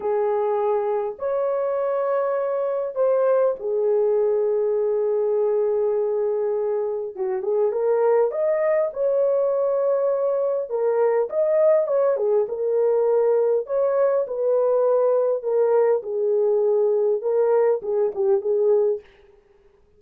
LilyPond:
\new Staff \with { instrumentName = "horn" } { \time 4/4 \tempo 4 = 101 gis'2 cis''2~ | cis''4 c''4 gis'2~ | gis'1 | fis'8 gis'8 ais'4 dis''4 cis''4~ |
cis''2 ais'4 dis''4 | cis''8 gis'8 ais'2 cis''4 | b'2 ais'4 gis'4~ | gis'4 ais'4 gis'8 g'8 gis'4 | }